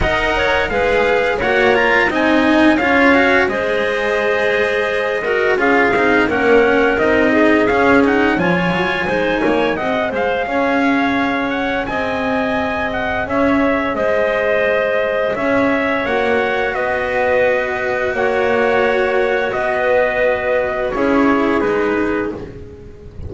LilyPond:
<<
  \new Staff \with { instrumentName = "trumpet" } { \time 4/4 \tempo 4 = 86 fis''4 f''4 fis''8 ais''8 gis''4 | f''4 dis''2. | f''4 fis''4 dis''4 f''8 fis''8 | gis''2 fis''8 f''4.~ |
f''8 fis''8 gis''4. fis''8 e''4 | dis''2 e''4 fis''4 | dis''2 fis''2 | dis''2 cis''4 b'4 | }
  \new Staff \with { instrumentName = "clarinet" } { \time 4/4 dis''8 cis''8 b'4 cis''4 dis''4 | cis''4 c''2~ c''8 ais'8 | gis'4 ais'4. gis'4. | cis''4 c''8 cis''8 dis''8 c''8 cis''4~ |
cis''4 dis''2 cis''4 | c''2 cis''2 | b'2 cis''2 | b'2 gis'2 | }
  \new Staff \with { instrumentName = "cello" } { \time 4/4 ais'4 gis'4 fis'8 f'8 dis'4 | f'8 fis'8 gis'2~ gis'8 fis'8 | f'8 dis'8 cis'4 dis'4 cis'8 dis'8 | f'4 dis'4 gis'2~ |
gis'1~ | gis'2. fis'4~ | fis'1~ | fis'2 e'4 dis'4 | }
  \new Staff \with { instrumentName = "double bass" } { \time 4/4 dis'4 gis4 ais4 c'4 | cis'4 gis2. | cis'8 c'8 ais4 c'4 cis'4 | f8 fis8 gis8 ais8 c'8 gis8 cis'4~ |
cis'4 c'2 cis'4 | gis2 cis'4 ais4 | b2 ais2 | b2 cis'4 gis4 | }
>>